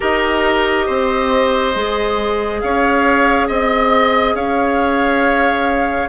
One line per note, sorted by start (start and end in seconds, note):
0.00 0.88 D#4
0.00 1.74 G4
0.00 0.86 A#4
0.00 2.61 D#5
0.86 1.75 C4
0.86 2.60 C5
1.74 2.62 G#3
1.74 6.09 G#4
2.61 3.48 C#4
2.61 3.47 C#5
2.61 3.47 F5
3.47 4.34 C4
3.47 4.34 D#5
3.47 4.35 D#5
4.34 6.08 C#4
4.34 6.09 C#5
4.34 6.09 F5